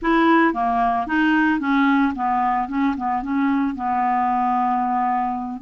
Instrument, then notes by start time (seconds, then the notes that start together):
clarinet
0.01 E4
0.53 A#3
1.06 D#4
1.59 C#4
2.15 B3
2.68 C#4
2.96 B3
3.22 C#4
3.75 B3